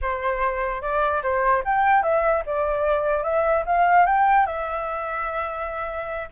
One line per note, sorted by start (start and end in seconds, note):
0.01 0.81 C5
0.81 1.22 D5
1.23 1.63 C5
1.64 2.03 G5
2.03 2.43 E5
2.46 3.23 D5
3.23 3.64 E5
3.66 4.05 F5
4.05 4.46 G5
4.46 6.29 E5